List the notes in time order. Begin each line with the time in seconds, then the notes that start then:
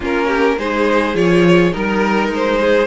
0.00 A#3 C#4 F4 A#4
0.27 G4
0.58 G#3 D#4 G#4 C5
1.14 F3 F4 C#5
1.71 G3 D#4 A#4
2.29 G#3 C5
2.59 G#4